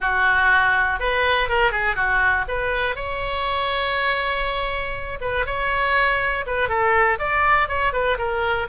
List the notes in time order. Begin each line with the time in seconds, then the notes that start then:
0.00 F#4
0.99 B4
1.48 A#4
1.71 G#4
1.95 F#4
2.47 B4
2.95 C#5
5.20 B4
5.45 C#5
6.46 B4
6.68 A4
7.19 D5
7.68 C#5
7.92 B4
8.18 A#4